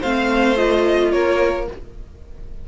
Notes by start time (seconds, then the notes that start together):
0.00 A3 C4 C5 F5
0.56 F4 D#5
1.12 A#3 A#4 C#5